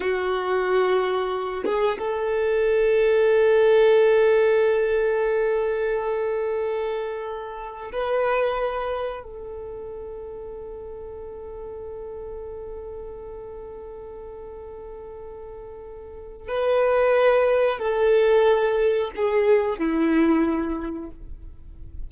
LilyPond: \new Staff \with { instrumentName = "violin" } { \time 4/4 \tempo 4 = 91 fis'2~ fis'8 gis'8 a'4~ | a'1~ | a'1 | b'2 a'2~ |
a'1~ | a'1~ | a'4 b'2 a'4~ | a'4 gis'4 e'2 | }